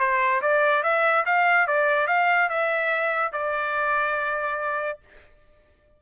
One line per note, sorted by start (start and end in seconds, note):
0.00 0.42 C5
0.42 0.84 D5
0.84 1.25 E5
1.26 1.68 F5
1.68 2.08 D5
2.08 2.49 F5
2.50 3.33 E5
3.33 4.99 D5